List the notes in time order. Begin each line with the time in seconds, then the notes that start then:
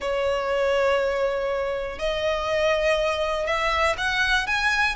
0.00 C#5
1.98 D#5
3.46 E5
3.97 F#5
4.46 G#5